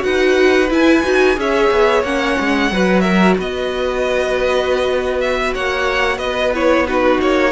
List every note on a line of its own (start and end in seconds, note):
0.00 0.71 D#4
0.00 0.67 F#4
0.00 1.38 B4
0.00 0.70 F#5
0.70 1.04 E4
0.70 1.40 G#5
1.04 1.37 D#4
1.04 1.36 F#4
1.36 1.71 C#4
1.36 2.03 G#4
1.36 2.73 C#5
1.36 2.04 E5
1.71 2.03 B3
2.03 2.36 A#3
2.03 2.72 C#4
2.03 3.01 F#5
2.40 2.71 G#3
2.71 3.38 F#3
2.71 6.55 F#4
2.71 3.03 B4
3.01 3.37 A#4
3.01 3.34 E5
3.38 5.55 B3
3.38 5.54 B4
3.38 5.21 D#5
5.21 5.54 E5
5.54 6.18 A#3
5.54 6.18 C#5
5.54 6.18 F#5
6.18 7.18 B3
6.18 6.85 B4
6.18 6.52 D#5
6.55 6.88 E4
6.55 6.87 C#5
6.87 7.52 D#4
6.87 7.52 F#4
6.87 7.21 B4
7.21 7.52 A#3
7.21 7.52 C#5